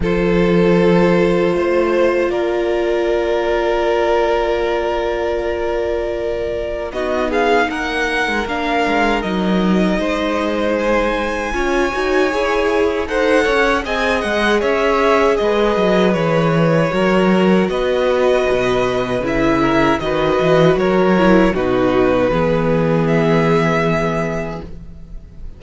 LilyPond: <<
  \new Staff \with { instrumentName = "violin" } { \time 4/4 \tempo 4 = 78 c''2. d''4~ | d''1~ | d''4 dis''8 f''8 fis''4 f''4 | dis''2 gis''2~ |
gis''4 fis''4 gis''8 fis''8 e''4 | dis''4 cis''2 dis''4~ | dis''4 e''4 dis''4 cis''4 | b'2 e''2 | }
  \new Staff \with { instrumentName = "violin" } { \time 4/4 a'2 c''4 ais'4~ | ais'1~ | ais'4 fis'8 gis'8 ais'2~ | ais'4 c''2 cis''4~ |
cis''4 c''8 cis''8 dis''4 cis''4 | b'2 ais'4 b'4~ | b'4. ais'8 b'4 ais'4 | fis'4 gis'2. | }
  \new Staff \with { instrumentName = "viola" } { \time 4/4 f'1~ | f'1~ | f'4 dis'2 d'4 | dis'2. f'8 fis'8 |
gis'4 a'4 gis'2~ | gis'2 fis'2~ | fis'4 e'4 fis'4. e'8 | dis'4 b2. | }
  \new Staff \with { instrumentName = "cello" } { \time 4/4 f2 a4 ais4~ | ais1~ | ais4 b4 ais8. gis16 ais8 gis8 | fis4 gis2 cis'8 dis'8 |
e'4 dis'8 cis'8 c'8 gis8 cis'4 | gis8 fis8 e4 fis4 b4 | b,4 cis4 dis8 e8 fis4 | b,4 e2. | }
>>